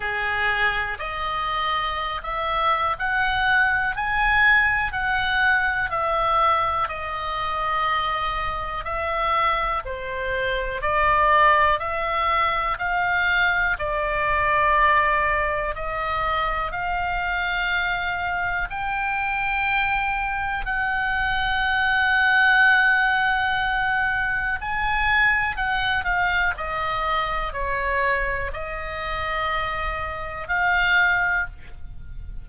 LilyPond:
\new Staff \with { instrumentName = "oboe" } { \time 4/4 \tempo 4 = 61 gis'4 dis''4~ dis''16 e''8. fis''4 | gis''4 fis''4 e''4 dis''4~ | dis''4 e''4 c''4 d''4 | e''4 f''4 d''2 |
dis''4 f''2 g''4~ | g''4 fis''2.~ | fis''4 gis''4 fis''8 f''8 dis''4 | cis''4 dis''2 f''4 | }